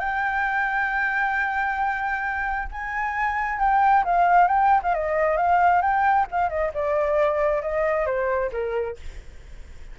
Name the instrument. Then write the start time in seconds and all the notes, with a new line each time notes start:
flute
0.00 G5
2.72 G#5
3.60 G5
4.05 F5
4.48 G5
4.83 F5
4.94 D#5
5.37 F5
5.82 G5
6.32 F5
6.50 D#5
6.74 D5
7.62 D#5
8.06 C5
8.52 A#4